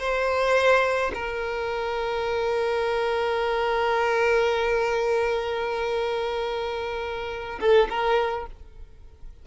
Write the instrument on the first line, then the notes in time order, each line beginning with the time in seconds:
violin
0.00 C5
1.15 A#4
7.61 A4
7.90 A#4